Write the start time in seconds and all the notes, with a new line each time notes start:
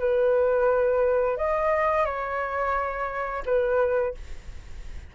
0.00 B4
1.38 D#5
2.06 C#5
3.46 B4